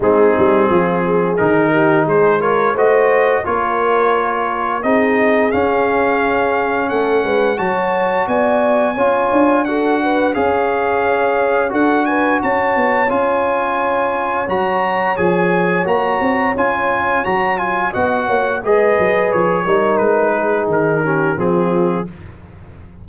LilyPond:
<<
  \new Staff \with { instrumentName = "trumpet" } { \time 4/4 \tempo 4 = 87 gis'2 ais'4 c''8 cis''8 | dis''4 cis''2 dis''4 | f''2 fis''4 a''4 | gis''2 fis''4 f''4~ |
f''4 fis''8 gis''8 a''4 gis''4~ | gis''4 ais''4 gis''4 ais''4 | gis''4 ais''8 gis''8 fis''4 dis''4 | cis''4 b'4 ais'4 gis'4 | }
  \new Staff \with { instrumentName = "horn" } { \time 4/4 dis'4 f'8 gis'4 g'8 gis'8 ais'8 | c''4 ais'2 gis'4~ | gis'2 a'8 b'8 cis''4 | d''4 cis''4 a'8 b'8 cis''4~ |
cis''4 a'8 b'8 cis''2~ | cis''1~ | cis''2 dis''8 cis''8 b'4~ | b'8 ais'4 gis'4 g'8 f'4 | }
  \new Staff \with { instrumentName = "trombone" } { \time 4/4 c'2 dis'4. f'8 | fis'4 f'2 dis'4 | cis'2. fis'4~ | fis'4 f'4 fis'4 gis'4~ |
gis'4 fis'2 f'4~ | f'4 fis'4 gis'4 fis'4 | f'4 fis'8 f'8 fis'4 gis'4~ | gis'8 dis'2 cis'8 c'4 | }
  \new Staff \with { instrumentName = "tuba" } { \time 4/4 gis8 g8 f4 dis4 gis4 | a4 ais2 c'4 | cis'2 a8 gis8 fis4 | b4 cis'8 d'4. cis'4~ |
cis'4 d'4 cis'8 b8 cis'4~ | cis'4 fis4 f4 ais8 c'8 | cis'4 fis4 b8 ais8 gis8 fis8 | f8 g8 gis4 dis4 f4 | }
>>